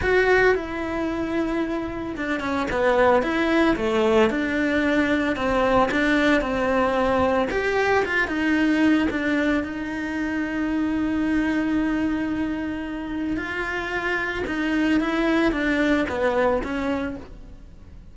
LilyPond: \new Staff \with { instrumentName = "cello" } { \time 4/4 \tempo 4 = 112 fis'4 e'2. | d'8 cis'8 b4 e'4 a4 | d'2 c'4 d'4 | c'2 g'4 f'8 dis'8~ |
dis'4 d'4 dis'2~ | dis'1~ | dis'4 f'2 dis'4 | e'4 d'4 b4 cis'4 | }